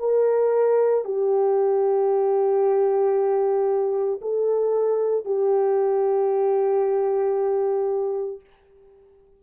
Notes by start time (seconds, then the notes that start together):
0.00 A#4
1.05 G4
4.22 A4
5.25 G4